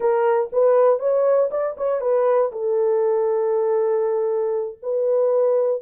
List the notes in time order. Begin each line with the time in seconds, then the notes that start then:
0.00 A#4
0.52 B4
0.99 C#5
1.50 D5
1.77 C#5
2.00 B4
2.51 A4
4.82 B4